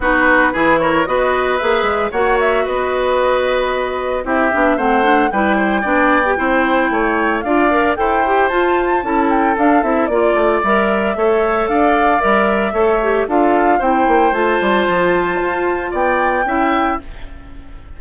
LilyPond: <<
  \new Staff \with { instrumentName = "flute" } { \time 4/4 \tempo 4 = 113 b'4. cis''8 dis''4 e''4 | fis''8 e''8 dis''2. | e''4 fis''4 g''2~ | g''2 f''4 g''4 |
a''4. g''8 f''8 e''8 d''4 | e''2 f''4 e''4~ | e''4 f''4 g''4 a''4~ | a''2 g''2 | }
  \new Staff \with { instrumentName = "oboe" } { \time 4/4 fis'4 gis'8 ais'8 b'2 | cis''4 b'2. | g'4 c''4 b'8 c''8 d''4 | c''4 cis''4 d''4 c''4~ |
c''4 a'2 d''4~ | d''4 cis''4 d''2 | cis''4 a'4 c''2~ | c''2 d''4 e''4 | }
  \new Staff \with { instrumentName = "clarinet" } { \time 4/4 dis'4 e'4 fis'4 gis'4 | fis'1 | e'8 d'8 c'8 d'8 e'4 d'8. g'16 | e'2 f'8 ais'8 a'8 g'8 |
f'4 e'4 d'8 e'8 f'4 | ais'4 a'2 ais'4 | a'8 g'8 f'4 e'4 f'4~ | f'2. e'4 | }
  \new Staff \with { instrumentName = "bassoon" } { \time 4/4 b4 e4 b4 ais8 gis8 | ais4 b2. | c'8 b8 a4 g4 b4 | c'4 a4 d'4 e'4 |
f'4 cis'4 d'8 c'8 ais8 a8 | g4 a4 d'4 g4 | a4 d'4 c'8 ais8 a8 g8 | f4 f'4 b4 cis'4 | }
>>